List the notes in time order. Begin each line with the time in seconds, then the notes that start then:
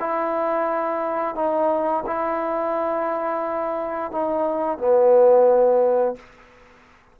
0.00 E4
1.35 D#4
2.06 E4
4.12 D#4
4.78 B3